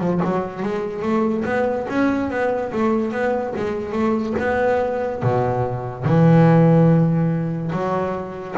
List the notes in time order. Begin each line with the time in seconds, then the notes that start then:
0.00 F3
0.24 F#3
0.63 G#3
1.02 A3
1.45 B3
1.89 C#4
2.30 B3
2.72 A3
3.12 B3
3.56 G#3
3.92 A3
4.39 B3
5.23 B2
6.05 E3
7.72 F#3